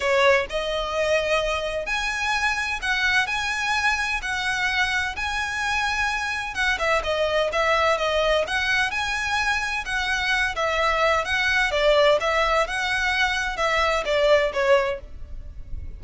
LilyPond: \new Staff \with { instrumentName = "violin" } { \time 4/4 \tempo 4 = 128 cis''4 dis''2. | gis''2 fis''4 gis''4~ | gis''4 fis''2 gis''4~ | gis''2 fis''8 e''8 dis''4 |
e''4 dis''4 fis''4 gis''4~ | gis''4 fis''4. e''4. | fis''4 d''4 e''4 fis''4~ | fis''4 e''4 d''4 cis''4 | }